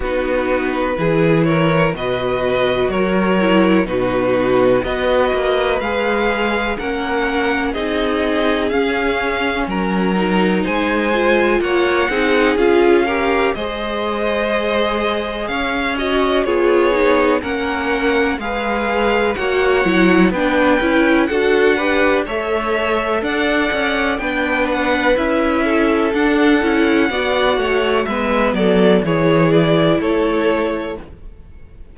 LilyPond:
<<
  \new Staff \with { instrumentName = "violin" } { \time 4/4 \tempo 4 = 62 b'4. cis''8 dis''4 cis''4 | b'4 dis''4 f''4 fis''4 | dis''4 f''4 ais''4 gis''4 | fis''4 f''4 dis''2 |
f''8 dis''8 cis''4 fis''4 f''4 | fis''4 g''4 fis''4 e''4 | fis''4 g''8 fis''8 e''4 fis''4~ | fis''4 e''8 d''8 cis''8 d''8 cis''4 | }
  \new Staff \with { instrumentName = "violin" } { \time 4/4 fis'4 gis'8 ais'8 b'4 ais'4 | fis'4 b'2 ais'4 | gis'2 ais'4 c''4 | cis''8 gis'4 ais'8 c''2 |
cis''4 gis'4 ais'4 b'4 | cis''4 b'4 a'8 b'8 cis''4 | d''4 b'4. a'4. | d''8 cis''8 b'8 a'8 gis'4 a'4 | }
  \new Staff \with { instrumentName = "viola" } { \time 4/4 dis'4 e'4 fis'4. e'8 | dis'4 fis'4 gis'4 cis'4 | dis'4 cis'4. dis'4 f'8~ | f'8 dis'8 f'8 g'8 gis'2~ |
gis'8 fis'8 f'8 dis'8 cis'4 gis'4 | fis'8 e'8 d'8 e'8 fis'8 g'8 a'4~ | a'4 d'4 e'4 d'8 e'8 | fis'4 b4 e'2 | }
  \new Staff \with { instrumentName = "cello" } { \time 4/4 b4 e4 b,4 fis4 | b,4 b8 ais8 gis4 ais4 | c'4 cis'4 fis4 gis4 | ais8 c'8 cis'4 gis2 |
cis'4 b4 ais4 gis4 | ais8 fis8 b8 cis'8 d'4 a4 | d'8 cis'8 b4 cis'4 d'8 cis'8 | b8 a8 gis8 fis8 e4 a4 | }
>>